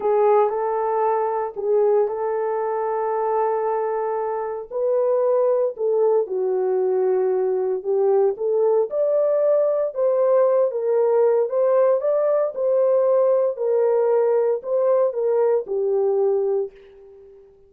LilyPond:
\new Staff \with { instrumentName = "horn" } { \time 4/4 \tempo 4 = 115 gis'4 a'2 gis'4 | a'1~ | a'4 b'2 a'4 | fis'2. g'4 |
a'4 d''2 c''4~ | c''8 ais'4. c''4 d''4 | c''2 ais'2 | c''4 ais'4 g'2 | }